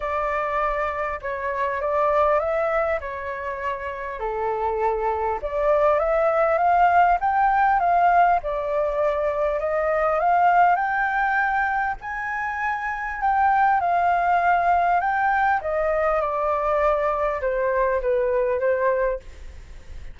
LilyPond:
\new Staff \with { instrumentName = "flute" } { \time 4/4 \tempo 4 = 100 d''2 cis''4 d''4 | e''4 cis''2 a'4~ | a'4 d''4 e''4 f''4 | g''4 f''4 d''2 |
dis''4 f''4 g''2 | gis''2 g''4 f''4~ | f''4 g''4 dis''4 d''4~ | d''4 c''4 b'4 c''4 | }